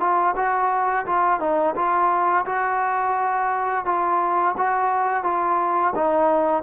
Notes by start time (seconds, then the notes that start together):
0.00 F4
0.36 F#4
1.06 F4
1.40 D#4
1.75 F4
2.46 F#4
3.85 F4
4.57 F#4
5.24 F4
5.95 D#4